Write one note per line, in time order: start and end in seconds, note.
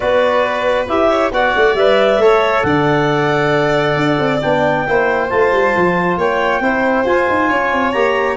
0.00 0.88 B3
0.00 0.88 F#4
0.00 1.08 B4
0.00 0.87 D5
0.88 1.31 E4
0.88 1.32 G4
0.88 1.32 E5
1.09 1.31 C#5
1.31 1.53 B3
1.31 1.77 F#4
1.31 2.21 D5
1.31 1.75 F#5
1.55 1.74 A3
1.74 2.17 G3
1.74 2.21 B4
1.74 2.62 E5
2.17 2.61 A3
2.17 4.41 A4
2.17 2.65 C#5
2.62 3.95 D3
2.62 4.87 D5
2.62 4.39 F#5
3.96 4.18 D4
4.18 4.41 C4
4.41 4.87 B3
4.41 4.86 D4
4.41 5.29 G5
4.87 5.31 A#3
4.87 5.30 E4
4.87 6.18 C5
5.29 5.51 A3
5.29 6.62 F4
5.29 6.17 A5
5.51 5.73 G3
5.76 6.17 F3
6.17 6.60 A#3
6.17 6.62 C#5
6.17 7.06 G5
6.60 7.04 C4
6.60 7.06 E4
6.60 7.49 C5
7.05 7.27 F4
7.05 7.94 F4
7.05 7.92 G#5
7.29 7.50 D#4
7.49 7.72 C#4
7.49 8.37 C#5
7.72 7.94 C4
7.92 8.37 A#3
7.92 8.37 G4
7.92 8.36 A#5